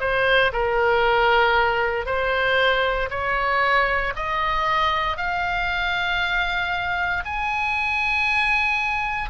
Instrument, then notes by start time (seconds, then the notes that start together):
oboe
0.00 C5
0.52 A#4
2.05 C5
3.10 C#5
4.15 D#5
5.17 F5
7.25 G#5